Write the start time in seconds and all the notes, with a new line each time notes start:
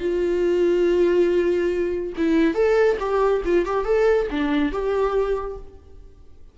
0.00 F4
2.17 E4
2.55 A4
3.00 G4
3.45 F4
3.66 G4
3.85 A4
4.31 D4
4.72 G4